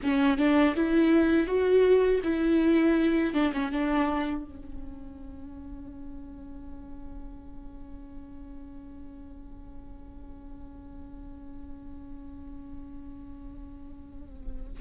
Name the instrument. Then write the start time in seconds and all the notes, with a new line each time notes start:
viola
0.03 C#4
0.37 D4
0.75 E4
1.46 F#4
2.23 E4
3.33 D4
3.53 C#4
3.71 D4
4.44 C#4